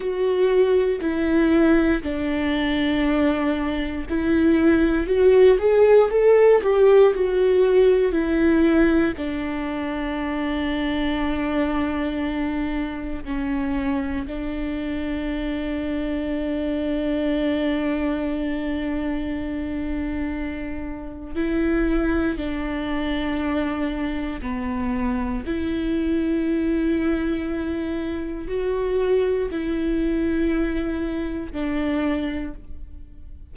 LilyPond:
\new Staff \with { instrumentName = "viola" } { \time 4/4 \tempo 4 = 59 fis'4 e'4 d'2 | e'4 fis'8 gis'8 a'8 g'8 fis'4 | e'4 d'2.~ | d'4 cis'4 d'2~ |
d'1~ | d'4 e'4 d'2 | b4 e'2. | fis'4 e'2 d'4 | }